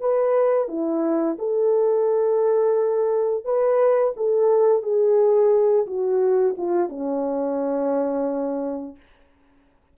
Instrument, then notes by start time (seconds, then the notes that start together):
horn
0.00 B4
0.68 E4
1.38 A4
3.44 B4
4.16 A4
4.82 G#4
5.86 F#4
6.57 F4
6.89 C#4